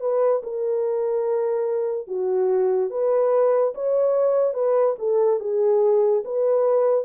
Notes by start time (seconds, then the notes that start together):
0.00 B4
0.42 A#4
2.07 F#4
2.90 B4
3.74 C#5
4.54 B4
4.98 A4
5.39 G#4
6.25 B4